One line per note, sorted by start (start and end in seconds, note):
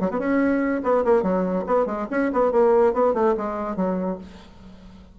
0.00 0.10 F#3
0.10 0.18 B3
0.18 0.81 C#4
0.83 1.04 B3
1.04 1.22 A#3
1.22 1.64 F#3
1.66 1.86 B3
1.86 2.07 G#3
2.10 2.31 C#4
2.32 2.51 B3
2.51 2.93 A#3
2.93 3.14 B3
3.14 3.35 A3
3.37 3.76 G#3
3.76 4.18 F#3